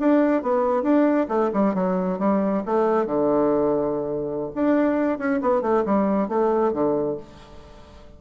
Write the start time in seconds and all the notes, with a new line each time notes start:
0.00 D4
0.43 B3
0.83 D4
1.29 A3
1.54 G3
1.75 F#3
2.19 G3
2.66 A3
3.06 D3
4.55 D4
5.19 C#4
5.42 B3
5.62 A3
5.86 G3
6.29 A3
6.73 D3